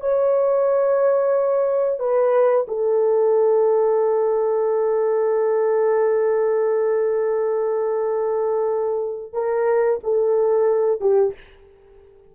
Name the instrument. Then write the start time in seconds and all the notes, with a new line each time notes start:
horn
0.00 C#5
1.99 B4
2.68 A4
9.33 A#4
10.03 A4
11.00 G4